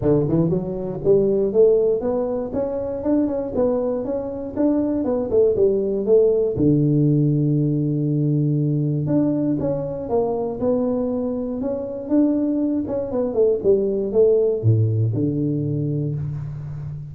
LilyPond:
\new Staff \with { instrumentName = "tuba" } { \time 4/4 \tempo 4 = 119 d8 e8 fis4 g4 a4 | b4 cis'4 d'8 cis'8 b4 | cis'4 d'4 b8 a8 g4 | a4 d2.~ |
d2 d'4 cis'4 | ais4 b2 cis'4 | d'4. cis'8 b8 a8 g4 | a4 a,4 d2 | }